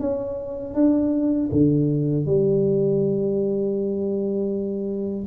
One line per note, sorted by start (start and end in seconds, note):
0.00 0.75 C#4
0.75 1.50 D4
1.52 2.26 D3
2.26 5.26 G3